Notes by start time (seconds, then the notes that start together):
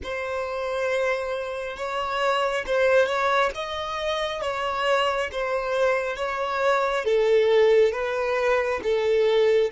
0.03 C5
1.76 C#5
2.66 C5
3.06 C#5
3.55 D#5
4.41 C#5
5.31 C5
6.16 C#5
7.04 A4
7.92 B4
8.83 A4